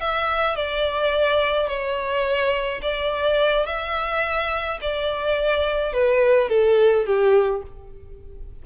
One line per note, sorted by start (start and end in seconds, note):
0.00 0.55 E5
0.55 1.67 D5
1.67 2.80 C#5
2.82 3.66 D5
3.66 4.79 E5
4.81 5.93 D5
5.93 6.49 B4
6.49 7.05 A4
7.05 7.62 G4